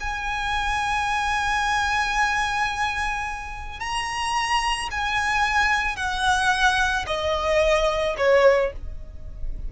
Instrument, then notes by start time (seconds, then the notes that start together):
violin
0.00 G#5
3.80 A#5
4.91 G#5
5.96 F#5
7.06 D#5
8.17 C#5